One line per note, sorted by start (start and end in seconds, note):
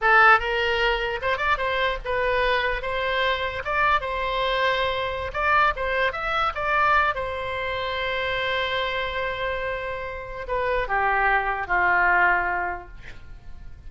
0.01 0.39 A4
0.39 1.20 A#4
1.21 1.37 C5
1.37 1.57 D5
1.57 1.97 C5
2.04 2.82 B4
2.82 3.62 C5
3.64 4.00 D5
4.00 5.31 C5
5.33 5.73 D5
5.75 6.12 C5
6.12 6.52 E5
6.54 7.14 D5
7.14 10.47 C5
10.47 10.87 B4
10.87 11.67 G4
11.67 12.87 F4